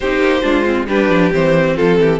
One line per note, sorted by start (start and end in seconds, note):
0.00 0.19 C4
0.00 0.42 D#4
0.00 0.42 G4
0.00 0.85 C5
0.19 0.41 A#3
0.42 0.87 G#3
0.42 0.64 D4
0.42 0.86 F4
0.65 0.87 C4
0.87 1.09 G3
0.87 1.32 D4
0.87 1.75 G4
0.87 1.32 B4
1.09 1.31 F3
1.32 1.77 E3
1.32 2.19 C4
1.32 1.76 C5
1.75 1.98 F3
1.75 1.97 F4
1.75 2.19 A4
1.98 2.19 E3
1.98 2.19 G4